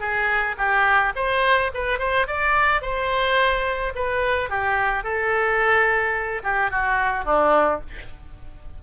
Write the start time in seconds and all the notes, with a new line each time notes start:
0.00 G#4
0.57 G4
1.15 C5
1.74 B4
1.99 C5
2.27 D5
2.82 C5
3.95 B4
4.49 G4
5.04 A4
6.43 G4
6.71 F#4
7.25 D4